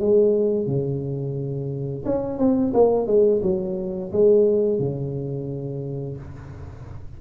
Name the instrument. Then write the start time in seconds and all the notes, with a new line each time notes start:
tuba
0.00 G#3
0.67 C#3
2.06 C#4
2.39 C4
2.74 A#3
3.07 G#3
3.43 F#3
4.13 G#3
4.80 C#3